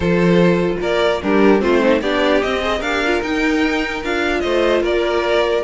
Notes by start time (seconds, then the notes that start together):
0.00 F3 F4 A4 C5
0.80 A#3 A#4 D5
1.22 G3 D4 G4 A#4
1.60 A3 C4 F4 C5
1.81 D#4
2.01 B3 D4 G4 D5
2.42 C4 D#5
2.60 G#4 C5
2.78 D4 A#4 F5
2.85 G4
3.05 F4
3.22 D#4 G5
4.03 D4 F4 F5
4.40 A3 C5 D#5
4.82 A#3 A#4 D5